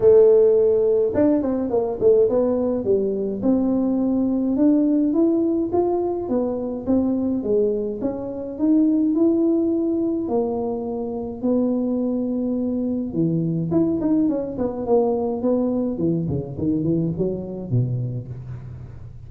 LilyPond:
\new Staff \with { instrumentName = "tuba" } { \time 4/4 \tempo 4 = 105 a2 d'8 c'8 ais8 a8 | b4 g4 c'2 | d'4 e'4 f'4 b4 | c'4 gis4 cis'4 dis'4 |
e'2 ais2 | b2. e4 | e'8 dis'8 cis'8 b8 ais4 b4 | e8 cis8 dis8 e8 fis4 b,4 | }